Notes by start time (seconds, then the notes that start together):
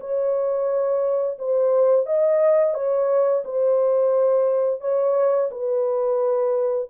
0.00 C#5
1.39 C5
2.06 D#5
2.74 C#5
3.45 C5
4.81 C#5
5.51 B4